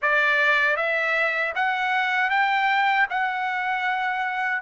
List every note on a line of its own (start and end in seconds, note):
0.02 0.76 D5
0.76 1.53 E5
1.55 2.29 F#5
2.29 3.06 G5
3.09 4.62 F#5